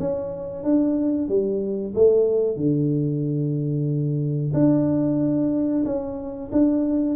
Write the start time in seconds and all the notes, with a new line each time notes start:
0.00 C#4
0.64 D4
1.29 G3
1.95 A3
2.57 D3
4.54 D4
5.86 C#4
6.52 D4